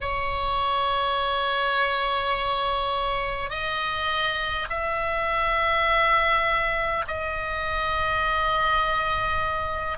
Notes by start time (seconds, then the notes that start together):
0.00 C#5
3.50 D#5
4.69 E5
7.07 D#5